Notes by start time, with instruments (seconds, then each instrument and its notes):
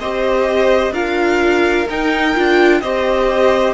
0.00 cello C4, viola G4, violin C5 D#5
0.91 cello D4, viola F4, violin A#4 F5
1.90 viola D#4, cello D#4, violin G5
2.35 cello D4, viola F4
2.81 cello C4, viola G4, violin C5 D#5